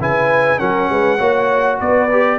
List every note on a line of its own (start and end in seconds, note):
0.00 0.60 C#3
0.00 0.58 E4
0.00 0.59 B4
0.00 0.59 G#5
0.58 0.90 F#3
0.58 1.18 C#4
0.58 0.89 A#4
0.58 1.79 F#5
0.90 1.20 G#3
0.90 1.18 B4
1.18 1.80 A#3
1.18 2.09 F#4
1.18 1.78 C#5
1.80 2.39 B3
1.80 2.39 B4
1.80 2.39 D5
2.11 2.39 G4